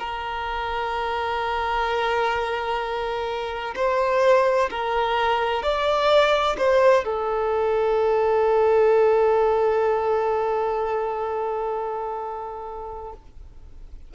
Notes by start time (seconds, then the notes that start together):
0.00 A#4
3.76 C5
4.71 A#4
5.63 D5
6.58 C5
7.05 A4